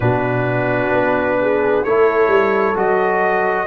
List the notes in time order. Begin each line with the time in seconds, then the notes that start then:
0.00 B2 D4 F#4 B4
0.91 B3
1.41 G#4
1.83 A3 E4 A4 C#5
2.27 G3
2.74 F#3 F#4 D#5